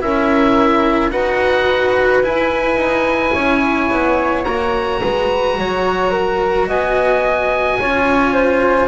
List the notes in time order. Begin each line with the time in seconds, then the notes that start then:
0.00 C#4 E4 A#4 E5
1.11 D#4 F#4 B4 F#5
2.23 E4 G#5
2.76 D#4
3.34 C#4 C#5
3.91 B3
4.44 A#3 F#4 A#5
5.01 G#3 B4
5.58 F#3 C#5
6.11 A#4
6.67 B3 D#5 G#5
7.79 C#4 F4 C#5
8.34 C5